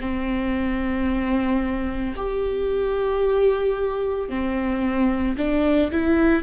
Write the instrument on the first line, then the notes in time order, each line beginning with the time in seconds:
viola
0.00 C4
2.16 G4
4.29 C4
5.37 D4
5.91 E4